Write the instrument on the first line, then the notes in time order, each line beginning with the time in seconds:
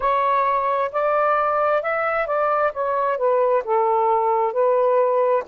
saxophone
0.00 C#5
0.91 D5
1.82 E5
2.26 D5
2.72 C#5
3.17 B4
3.64 A4
4.52 B4